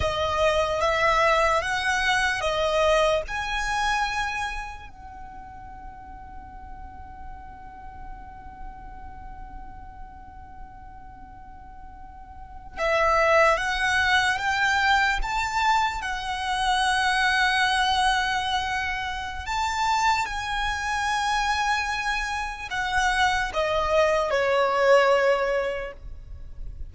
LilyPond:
\new Staff \with { instrumentName = "violin" } { \time 4/4 \tempo 4 = 74 dis''4 e''4 fis''4 dis''4 | gis''2 fis''2~ | fis''1~ | fis''2.~ fis''8. e''16~ |
e''8. fis''4 g''4 a''4 fis''16~ | fis''1 | a''4 gis''2. | fis''4 dis''4 cis''2 | }